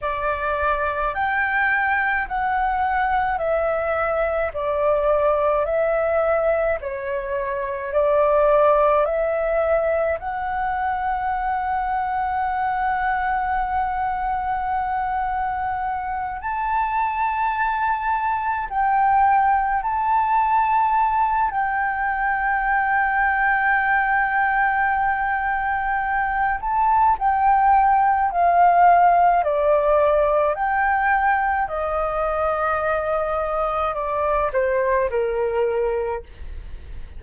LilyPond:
\new Staff \with { instrumentName = "flute" } { \time 4/4 \tempo 4 = 53 d''4 g''4 fis''4 e''4 | d''4 e''4 cis''4 d''4 | e''4 fis''2.~ | fis''2~ fis''8 a''4.~ |
a''8 g''4 a''4. g''4~ | g''2.~ g''8 a''8 | g''4 f''4 d''4 g''4 | dis''2 d''8 c''8 ais'4 | }